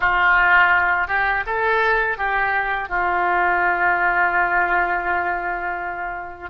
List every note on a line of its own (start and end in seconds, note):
0.00 1.07 F4
1.07 1.44 G4
1.46 2.17 A4
2.17 2.88 G4
2.88 6.50 F4